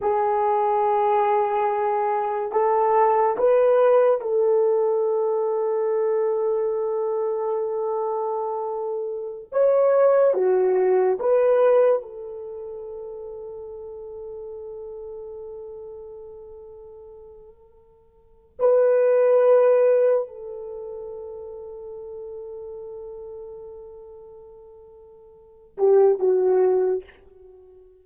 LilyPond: \new Staff \with { instrumentName = "horn" } { \time 4/4 \tempo 4 = 71 gis'2. a'4 | b'4 a'2.~ | a'2.~ a'16 cis''8.~ | cis''16 fis'4 b'4 a'4.~ a'16~ |
a'1~ | a'2 b'2 | a'1~ | a'2~ a'8 g'8 fis'4 | }